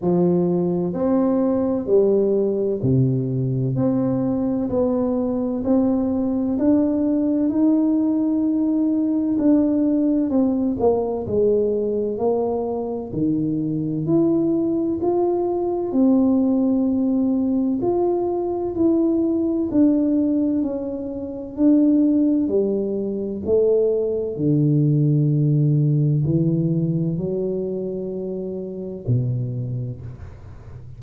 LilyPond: \new Staff \with { instrumentName = "tuba" } { \time 4/4 \tempo 4 = 64 f4 c'4 g4 c4 | c'4 b4 c'4 d'4 | dis'2 d'4 c'8 ais8 | gis4 ais4 dis4 e'4 |
f'4 c'2 f'4 | e'4 d'4 cis'4 d'4 | g4 a4 d2 | e4 fis2 b,4 | }